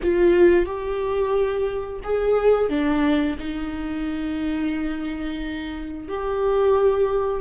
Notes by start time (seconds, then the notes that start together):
0.02 F4
0.65 G4
2.03 G#4
2.69 D4
3.38 D#4
6.08 G4